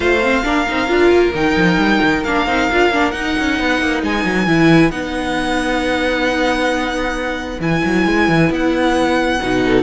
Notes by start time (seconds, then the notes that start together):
0.00 A3 F4 C5 F5
0.22 C4
0.44 A#3 D4 A#4
0.68 C4 D#4
0.87 D4 F4
1.11 A#3
1.34 D#3 D#4 G5
1.56 F3
1.77 G3
2.02 D#3
2.23 A#3 D4 F5
2.46 C4 D#4
2.71 D4 F4
2.90 A#3 D4
3.11 D#4 F#5
3.39 C#4
3.58 B3 B4
3.81 A#3
4.02 G#3 G#5
4.24 F#3
4.46 E3 E4
4.90 B3 D#4 F#5
7.59 E3 E4 G#5
7.84 F#3
8.06 G#3
8.28 E3
8.49 B3 F#5
9.40 B2 D#4
9.65 A4